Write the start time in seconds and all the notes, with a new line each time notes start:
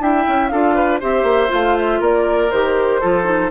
0.00 D4 E4 E5 G5
0.28 C#4
0.48 D4 F4 A4 F5
0.75 B4
1.00 C4 G4 C5 E5
1.23 A#3
1.48 A3 F4 F5
1.78 E5
2.00 A#3 A#4 D5
2.51 D#3 G4 C5
3.01 F3 F4 A4
3.24 D#4